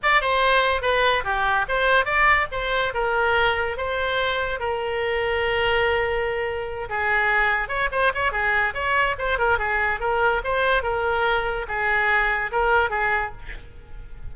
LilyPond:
\new Staff \with { instrumentName = "oboe" } { \time 4/4 \tempo 4 = 144 d''8 c''4. b'4 g'4 | c''4 d''4 c''4 ais'4~ | ais'4 c''2 ais'4~ | ais'1~ |
ais'8 gis'2 cis''8 c''8 cis''8 | gis'4 cis''4 c''8 ais'8 gis'4 | ais'4 c''4 ais'2 | gis'2 ais'4 gis'4 | }